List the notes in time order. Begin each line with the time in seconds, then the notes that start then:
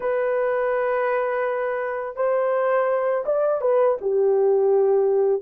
0.00 B4
2.16 C5
3.25 D5
3.61 B4
4.01 G4